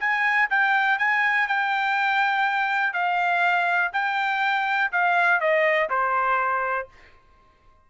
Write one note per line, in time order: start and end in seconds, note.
0.00 0.49 G#5
0.50 0.99 G5
0.99 1.48 G#5
1.48 2.94 G5
2.94 3.92 F5
3.93 4.92 G5
4.92 5.41 F5
5.41 5.90 D#5
5.90 6.88 C5